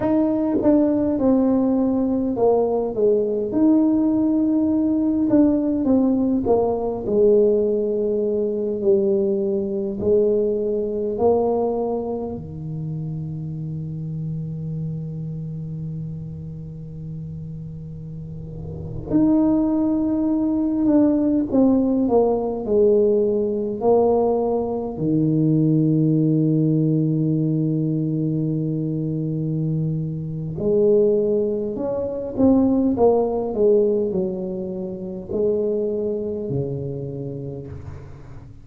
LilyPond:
\new Staff \with { instrumentName = "tuba" } { \time 4/4 \tempo 4 = 51 dis'8 d'8 c'4 ais8 gis8 dis'4~ | dis'8 d'8 c'8 ais8 gis4. g8~ | g8 gis4 ais4 dis4.~ | dis1~ |
dis16 dis'4. d'8 c'8 ais8 gis8.~ | gis16 ais4 dis2~ dis8.~ | dis2 gis4 cis'8 c'8 | ais8 gis8 fis4 gis4 cis4 | }